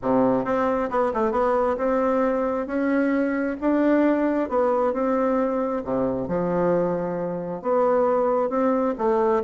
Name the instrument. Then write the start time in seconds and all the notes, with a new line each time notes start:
bassoon
0.02 C3
0.45 C4
0.90 B3
1.13 A3
1.31 B3
1.77 C4
2.66 C#4
3.60 D4
4.49 B3
4.93 C4
5.84 C3
6.27 F3
7.61 B3
8.49 C4
8.98 A3